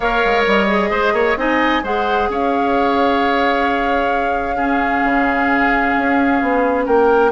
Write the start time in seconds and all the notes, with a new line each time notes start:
0.00 A#3 A#4 C#5 F5
0.24 G#3
0.46 G3 D#5
0.67 G#4
0.90 G#3 C5
1.13 A#3 C#5
1.36 C4 D#4 D#5 G#5
1.83 G#3 G#4 C5 F#5
2.29 C#4 C#5 F5
4.56 C#4 G#4
5.03 C#3
5.97 C#4
6.41 B3
6.86 A#3 A#4 G5